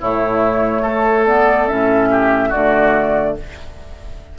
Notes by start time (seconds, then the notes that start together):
0.00 A2 A3 E4 C#5
0.82 A3 A4
1.26 B3 D5
1.67 A2 C#4 E5
2.10 G4
2.48 D3 A3 F#4 D5